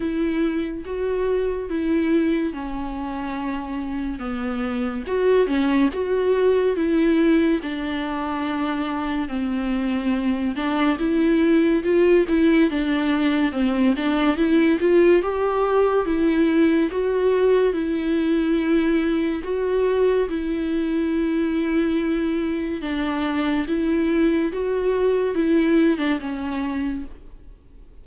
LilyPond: \new Staff \with { instrumentName = "viola" } { \time 4/4 \tempo 4 = 71 e'4 fis'4 e'4 cis'4~ | cis'4 b4 fis'8 cis'8 fis'4 | e'4 d'2 c'4~ | c'8 d'8 e'4 f'8 e'8 d'4 |
c'8 d'8 e'8 f'8 g'4 e'4 | fis'4 e'2 fis'4 | e'2. d'4 | e'4 fis'4 e'8. d'16 cis'4 | }